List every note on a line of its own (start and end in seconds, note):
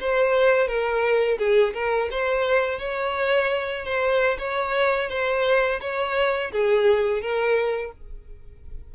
0.00 0.67 C5
0.67 1.38 A#4
1.38 1.74 G#4
1.74 2.09 A#4
2.11 2.79 C5
2.79 3.85 C#5
3.85 4.38 C5
4.39 5.09 C#5
5.10 5.80 C5
5.81 6.51 C#5
6.52 7.21 G#4
7.21 7.92 A#4